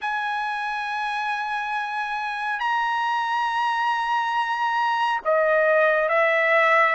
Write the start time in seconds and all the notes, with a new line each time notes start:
0.01 G#5
2.59 A#5
5.25 D#5
6.09 E5